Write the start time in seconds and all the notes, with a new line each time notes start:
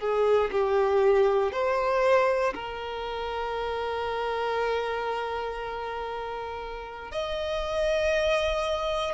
0.00 G#4
0.52 G4
1.53 C5
2.55 A#4
7.12 D#5